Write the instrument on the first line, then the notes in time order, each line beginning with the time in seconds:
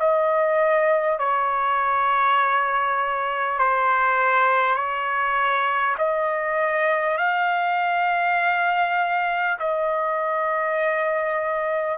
trumpet
0.00 D#5
1.19 C#5
3.59 C5
4.76 C#5
5.99 D#5
7.18 F5
9.60 D#5